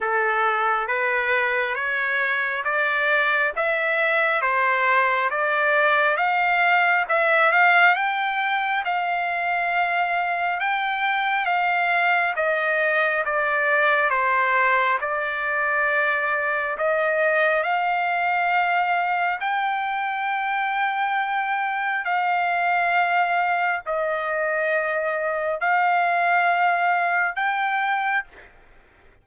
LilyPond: \new Staff \with { instrumentName = "trumpet" } { \time 4/4 \tempo 4 = 68 a'4 b'4 cis''4 d''4 | e''4 c''4 d''4 f''4 | e''8 f''8 g''4 f''2 | g''4 f''4 dis''4 d''4 |
c''4 d''2 dis''4 | f''2 g''2~ | g''4 f''2 dis''4~ | dis''4 f''2 g''4 | }